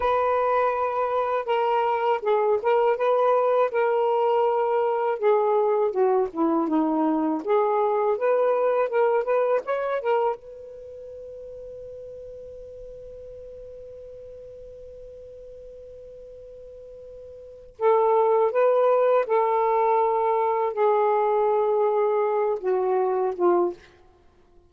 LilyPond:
\new Staff \with { instrumentName = "saxophone" } { \time 4/4 \tempo 4 = 81 b'2 ais'4 gis'8 ais'8 | b'4 ais'2 gis'4 | fis'8 e'8 dis'4 gis'4 b'4 | ais'8 b'8 cis''8 ais'8 b'2~ |
b'1~ | b'1 | a'4 b'4 a'2 | gis'2~ gis'8 fis'4 f'8 | }